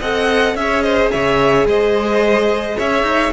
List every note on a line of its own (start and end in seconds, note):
0.00 0.55 C4
0.00 0.58 A4
0.00 0.56 D#5
0.00 0.56 F#5
0.55 1.10 C#4
0.55 3.33 G#4
0.55 0.84 C#5
0.55 0.82 E5
0.82 1.11 C5
0.82 1.10 D#5
1.11 1.66 C#3
1.11 1.67 C#5
1.11 1.67 E5
1.66 2.77 G#3
1.66 2.77 C5
1.66 2.79 D#5
2.77 3.03 C#4
2.77 3.33 C#5
2.77 3.33 E5
3.03 3.31 D#4